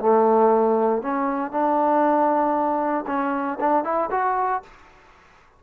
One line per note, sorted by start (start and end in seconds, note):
0.00 1.02 A3
1.02 1.52 C#4
1.52 3.05 D4
3.07 3.59 C#4
3.60 3.84 D4
3.84 4.10 E4
4.11 4.63 F#4